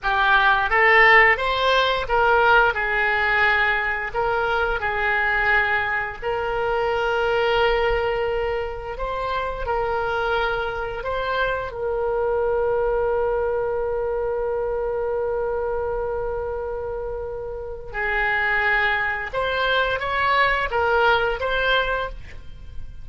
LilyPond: \new Staff \with { instrumentName = "oboe" } { \time 4/4 \tempo 4 = 87 g'4 a'4 c''4 ais'4 | gis'2 ais'4 gis'4~ | gis'4 ais'2.~ | ais'4 c''4 ais'2 |
c''4 ais'2.~ | ais'1~ | ais'2 gis'2 | c''4 cis''4 ais'4 c''4 | }